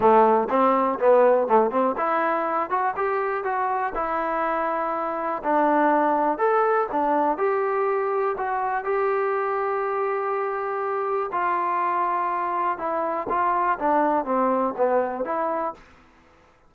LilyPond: \new Staff \with { instrumentName = "trombone" } { \time 4/4 \tempo 4 = 122 a4 c'4 b4 a8 c'8 | e'4. fis'8 g'4 fis'4 | e'2. d'4~ | d'4 a'4 d'4 g'4~ |
g'4 fis'4 g'2~ | g'2. f'4~ | f'2 e'4 f'4 | d'4 c'4 b4 e'4 | }